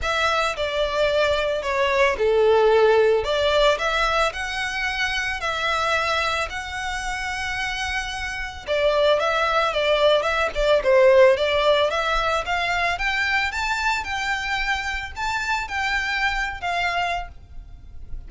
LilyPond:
\new Staff \with { instrumentName = "violin" } { \time 4/4 \tempo 4 = 111 e''4 d''2 cis''4 | a'2 d''4 e''4 | fis''2 e''2 | fis''1 |
d''4 e''4 d''4 e''8 d''8 | c''4 d''4 e''4 f''4 | g''4 a''4 g''2 | a''4 g''4.~ g''16 f''4~ f''16 | }